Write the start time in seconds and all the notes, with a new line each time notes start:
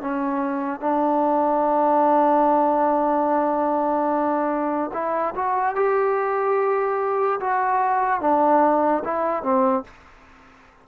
0.00 C#4
0.80 D4
4.93 E4
5.35 F#4
5.75 G4
7.40 F#4
8.20 D4
9.04 E4
9.43 C4